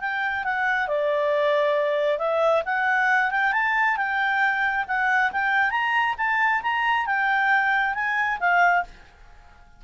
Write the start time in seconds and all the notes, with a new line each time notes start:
0.00 G5
0.44 F#5
0.87 D5
2.18 E5
2.65 F#5
3.30 G5
3.52 A5
3.96 G5
4.87 F#5
5.31 G5
5.70 A#5
6.17 A5
6.62 A#5
7.06 G5
7.94 G#5
8.40 F5